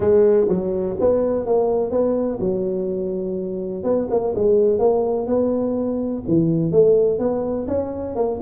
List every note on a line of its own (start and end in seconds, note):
0.00 0.47 G#3
0.48 0.96 F#3
0.99 1.46 B3
1.46 1.90 A#3
1.90 2.38 B3
2.40 3.83 F#3
3.83 4.07 B3
4.10 4.34 A#3
4.35 4.78 G#3
4.78 5.26 A#3
5.26 6.22 B3
6.27 6.71 E3
6.71 7.18 A3
7.18 7.66 B3
7.67 8.15 C#4
8.15 8.39 A#3